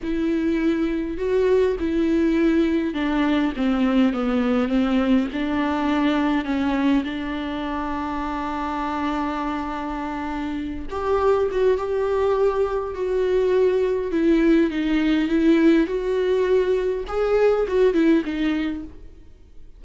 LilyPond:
\new Staff \with { instrumentName = "viola" } { \time 4/4 \tempo 4 = 102 e'2 fis'4 e'4~ | e'4 d'4 c'4 b4 | c'4 d'2 cis'4 | d'1~ |
d'2~ d'8 g'4 fis'8 | g'2 fis'2 | e'4 dis'4 e'4 fis'4~ | fis'4 gis'4 fis'8 e'8 dis'4 | }